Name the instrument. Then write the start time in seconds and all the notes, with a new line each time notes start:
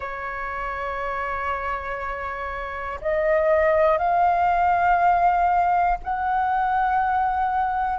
flute
0.00 C#5
3.01 D#5
3.98 F5
6.03 F#5